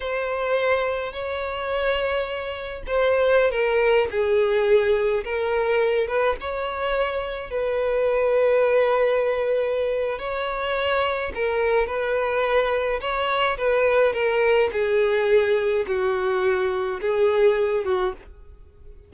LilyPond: \new Staff \with { instrumentName = "violin" } { \time 4/4 \tempo 4 = 106 c''2 cis''2~ | cis''4 c''4~ c''16 ais'4 gis'8.~ | gis'4~ gis'16 ais'4. b'8 cis''8.~ | cis''4~ cis''16 b'2~ b'8.~ |
b'2 cis''2 | ais'4 b'2 cis''4 | b'4 ais'4 gis'2 | fis'2 gis'4. fis'8 | }